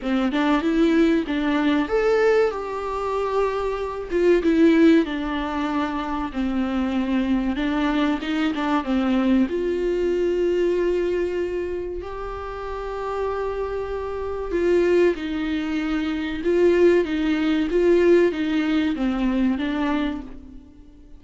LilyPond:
\new Staff \with { instrumentName = "viola" } { \time 4/4 \tempo 4 = 95 c'8 d'8 e'4 d'4 a'4 | g'2~ g'8 f'8 e'4 | d'2 c'2 | d'4 dis'8 d'8 c'4 f'4~ |
f'2. g'4~ | g'2. f'4 | dis'2 f'4 dis'4 | f'4 dis'4 c'4 d'4 | }